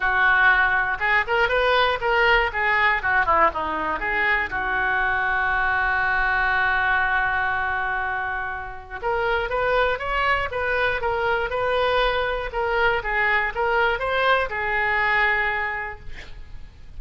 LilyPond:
\new Staff \with { instrumentName = "oboe" } { \time 4/4 \tempo 4 = 120 fis'2 gis'8 ais'8 b'4 | ais'4 gis'4 fis'8 e'8 dis'4 | gis'4 fis'2.~ | fis'1~ |
fis'2 ais'4 b'4 | cis''4 b'4 ais'4 b'4~ | b'4 ais'4 gis'4 ais'4 | c''4 gis'2. | }